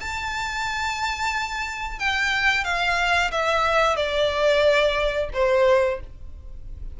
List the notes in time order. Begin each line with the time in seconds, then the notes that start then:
0.00 A5
1.99 G5
2.64 F5
3.31 E5
3.96 D5
5.33 C5